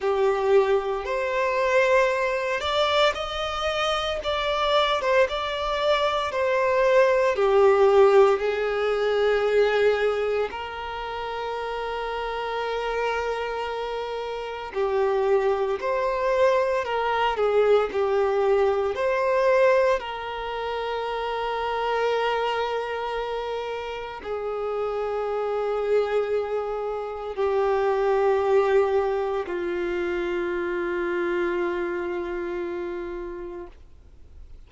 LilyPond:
\new Staff \with { instrumentName = "violin" } { \time 4/4 \tempo 4 = 57 g'4 c''4. d''8 dis''4 | d''8. c''16 d''4 c''4 g'4 | gis'2 ais'2~ | ais'2 g'4 c''4 |
ais'8 gis'8 g'4 c''4 ais'4~ | ais'2. gis'4~ | gis'2 g'2 | f'1 | }